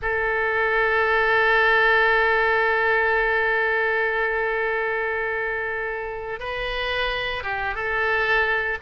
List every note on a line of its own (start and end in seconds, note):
0.02 6.39 A4
6.39 7.43 B4
7.43 7.74 G4
7.74 8.78 A4